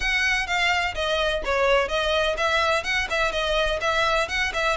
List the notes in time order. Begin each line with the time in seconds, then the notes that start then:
0.00 F#5
0.46 F5
0.94 D#5
1.44 C#5
1.88 D#5
2.37 E5
2.83 F#5
3.10 E5
3.32 D#5
3.81 E5
4.28 F#5
4.53 E5